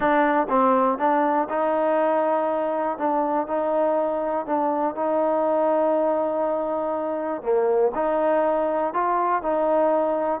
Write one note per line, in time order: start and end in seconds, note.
0.00 0.47 D4
0.49 0.98 C4
0.98 1.48 D4
1.49 2.98 D#4
2.98 3.47 D4
3.47 4.45 D#4
4.45 4.95 D4
4.95 7.42 D#4
7.42 7.92 A#3
7.95 8.93 D#4
8.93 9.42 F4
9.42 10.40 D#4